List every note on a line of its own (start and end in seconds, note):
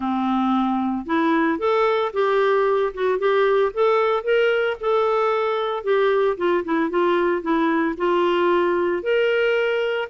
0.00 1.05 C4
1.06 1.59 E4
1.59 2.12 A4
2.13 2.93 G4
2.93 3.18 F#4
3.18 3.71 G4
3.73 4.23 A4
4.23 4.76 A#4
4.80 5.83 A4
5.83 6.36 G4
6.37 6.63 F4
6.64 6.90 E4
6.90 7.42 F4
7.42 7.95 E4
7.97 9.02 F4
9.02 10.08 A#4